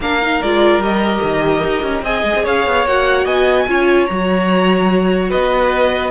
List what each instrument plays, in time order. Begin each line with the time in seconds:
0.00 cello A#3, viola D4, violin A#4 F5
0.21 viola D#4
0.41 cello G#3, viola F4, violin D5
0.78 cello G3, viola G4, violin D#5
1.22 cello D#3
1.63 cello D#4
1.82 cello C#4
2.02 cello C4, viola G#4, violin D#5 G#5
2.23 cello G#3
2.35 cello C4
2.43 cello C#4, violin C#5 F5
2.66 cello B3
2.85 cello A#3, viola F#4, violin F#5
3.25 cello B3, violin D#5 G#5
3.67 cello C#4, viola F4, violin C#5
4.06 cello F#3, viola F#4, violin A#5
5.29 cello B3, violin B4 D#5